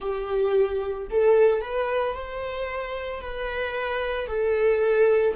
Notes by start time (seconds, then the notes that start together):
0.00 G4
1.10 A4
1.61 B4
2.14 C5
3.21 B4
4.26 A4